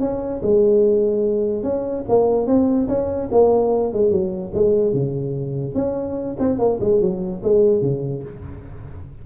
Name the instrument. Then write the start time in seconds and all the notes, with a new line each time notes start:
tuba
0.00 C#4
0.42 G#3
1.63 C#4
2.09 A#3
2.46 C4
2.88 C#4
3.31 A#3
3.93 G#3
4.11 F#3
4.54 G#3
4.93 C#3
5.75 C#4
6.39 C4
6.58 A#3
6.80 G#3
7.01 F#3
7.43 G#3
7.82 C#3